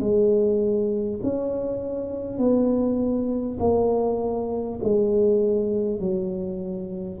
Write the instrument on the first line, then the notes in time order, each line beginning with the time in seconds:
tuba
0.00 G#3
1.22 C#4
2.38 B3
3.59 A#3
4.83 G#3
5.99 F#3